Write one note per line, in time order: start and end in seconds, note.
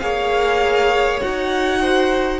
0.00 1.22 A#3
0.00 1.21 G#4
0.00 1.81 C#5
0.00 1.20 F5
1.21 2.40 D#4
1.21 2.40 F#4
1.21 2.40 F#5
1.81 2.40 C5